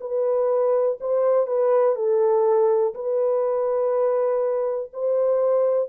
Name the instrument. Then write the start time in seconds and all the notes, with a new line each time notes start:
horn
0.00 B4
1.00 C5
1.47 B4
1.95 A4
2.94 B4
4.93 C5